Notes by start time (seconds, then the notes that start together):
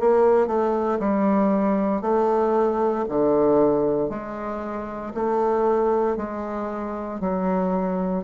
0.00 A#3
0.47 A3
1.00 G3
2.02 A3
3.09 D3
4.10 G#3
5.14 A3
6.17 G#3
7.20 F#3